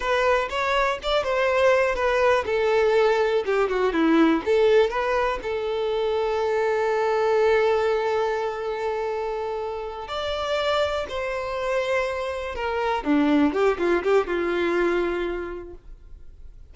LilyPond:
\new Staff \with { instrumentName = "violin" } { \time 4/4 \tempo 4 = 122 b'4 cis''4 d''8 c''4. | b'4 a'2 g'8 fis'8 | e'4 a'4 b'4 a'4~ | a'1~ |
a'1~ | a'8 d''2 c''4.~ | c''4. ais'4 d'4 g'8 | f'8 g'8 f'2. | }